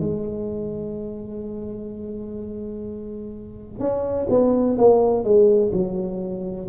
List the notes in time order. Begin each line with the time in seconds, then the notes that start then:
0.00 G#3
3.80 C#4
4.29 B3
4.78 A#3
5.24 G#3
5.73 F#3